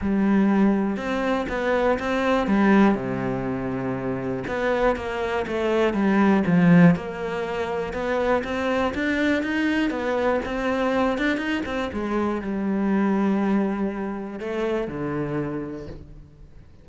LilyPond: \new Staff \with { instrumentName = "cello" } { \time 4/4 \tempo 4 = 121 g2 c'4 b4 | c'4 g4 c2~ | c4 b4 ais4 a4 | g4 f4 ais2 |
b4 c'4 d'4 dis'4 | b4 c'4. d'8 dis'8 c'8 | gis4 g2.~ | g4 a4 d2 | }